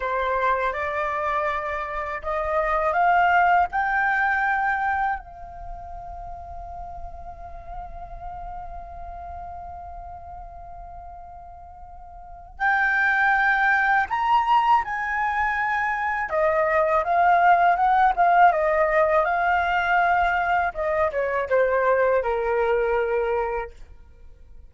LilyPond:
\new Staff \with { instrumentName = "flute" } { \time 4/4 \tempo 4 = 81 c''4 d''2 dis''4 | f''4 g''2 f''4~ | f''1~ | f''1~ |
f''4 g''2 ais''4 | gis''2 dis''4 f''4 | fis''8 f''8 dis''4 f''2 | dis''8 cis''8 c''4 ais'2 | }